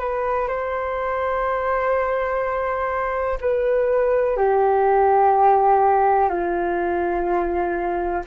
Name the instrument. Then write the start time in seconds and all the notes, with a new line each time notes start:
flute
0.00 B4
0.48 C5
3.41 B4
4.37 G4
6.29 F4